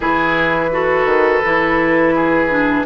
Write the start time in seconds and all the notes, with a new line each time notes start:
0.00 E3 E4 G#4 B4
0.71 F#4 A4
1.05 D#3
1.44 E3 E4
2.14 G#4
2.50 D4